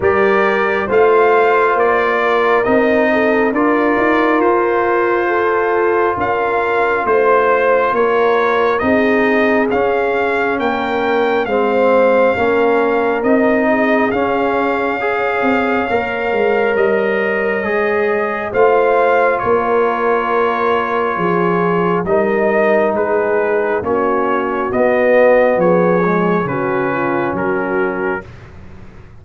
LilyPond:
<<
  \new Staff \with { instrumentName = "trumpet" } { \time 4/4 \tempo 4 = 68 d''4 f''4 d''4 dis''4 | d''4 c''2 f''4 | c''4 cis''4 dis''4 f''4 | g''4 f''2 dis''4 |
f''2. dis''4~ | dis''4 f''4 cis''2~ | cis''4 dis''4 b'4 cis''4 | dis''4 cis''4 b'4 ais'4 | }
  \new Staff \with { instrumentName = "horn" } { \time 4/4 ais'4 c''4. ais'4 a'8 | ais'2 a'4 ais'4 | c''4 ais'4 gis'2 | ais'4 c''4 ais'4. gis'8~ |
gis'4 cis''2.~ | cis''4 c''4 ais'2 | gis'4 ais'4 gis'4 fis'4~ | fis'4 gis'4 fis'8 f'8 fis'4 | }
  \new Staff \with { instrumentName = "trombone" } { \time 4/4 g'4 f'2 dis'4 | f'1~ | f'2 dis'4 cis'4~ | cis'4 c'4 cis'4 dis'4 |
cis'4 gis'4 ais'2 | gis'4 f'2.~ | f'4 dis'2 cis'4 | b4. gis8 cis'2 | }
  \new Staff \with { instrumentName = "tuba" } { \time 4/4 g4 a4 ais4 c'4 | d'8 dis'8 f'2 cis'4 | a4 ais4 c'4 cis'4 | ais4 gis4 ais4 c'4 |
cis'4. c'8 ais8 gis8 g4 | gis4 a4 ais2 | f4 g4 gis4 ais4 | b4 f4 cis4 fis4 | }
>>